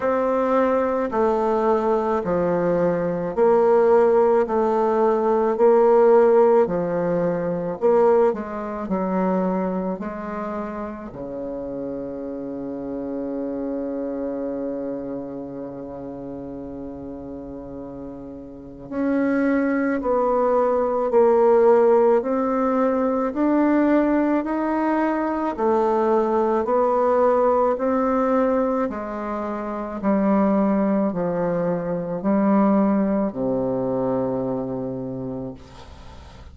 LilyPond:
\new Staff \with { instrumentName = "bassoon" } { \time 4/4 \tempo 4 = 54 c'4 a4 f4 ais4 | a4 ais4 f4 ais8 gis8 | fis4 gis4 cis2~ | cis1~ |
cis4 cis'4 b4 ais4 | c'4 d'4 dis'4 a4 | b4 c'4 gis4 g4 | f4 g4 c2 | }